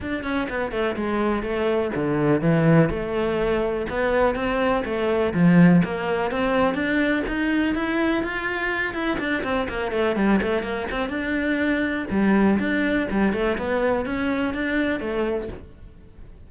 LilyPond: \new Staff \with { instrumentName = "cello" } { \time 4/4 \tempo 4 = 124 d'8 cis'8 b8 a8 gis4 a4 | d4 e4 a2 | b4 c'4 a4 f4 | ais4 c'4 d'4 dis'4 |
e'4 f'4. e'8 d'8 c'8 | ais8 a8 g8 a8 ais8 c'8 d'4~ | d'4 g4 d'4 g8 a8 | b4 cis'4 d'4 a4 | }